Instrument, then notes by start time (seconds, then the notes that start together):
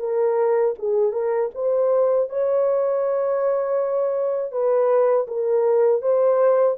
horn
0.00 A#4
0.79 G#4
1.12 A#4
1.55 C5
2.30 C#5
4.52 B4
5.28 A#4
6.02 C5